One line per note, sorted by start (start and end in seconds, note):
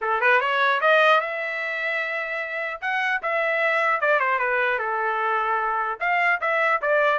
0.01 0.21 A4
0.21 0.40 B4
0.40 0.80 C#5
0.80 1.20 D#5
1.21 2.81 E5
2.81 3.21 F#5
3.22 4.01 E5
4.01 4.19 D5
4.19 4.39 C5
4.39 4.78 B4
4.78 5.98 A4
5.99 6.39 F5
6.40 6.80 E5
6.81 7.19 D5